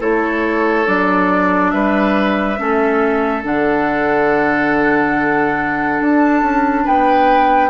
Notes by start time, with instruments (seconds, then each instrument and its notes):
0.00 bassoon A3, clarinet E4, oboe A4, flute C#5
0.85 bassoon F#3, clarinet D4, flute D5
1.71 bassoon G3, oboe B4, flute E5
2.57 bassoon A3, clarinet C#4, oboe A4
3.42 bassoon D3, clarinet D4, flute F#5
6.01 bassoon D4, flute A5
6.42 bassoon C#4
6.84 bassoon B3, oboe B4, flute G5